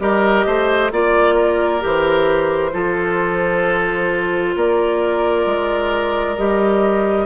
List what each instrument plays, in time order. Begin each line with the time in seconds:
0.00 bassoon G3, clarinet G4, oboe A#4, flute D#5
0.46 bassoon A3, oboe C5
0.92 bassoon A#3, clarinet F4, flute D5, oboe D5
1.35 oboe A#4
1.80 bassoon E3, clarinet G4, flute C5
2.72 bassoon F3, clarinet F4, oboe A4
4.56 bassoon A#3, oboe A#4, flute D5
5.46 bassoon G#3
6.37 bassoon G3, clarinet G4, flute D#5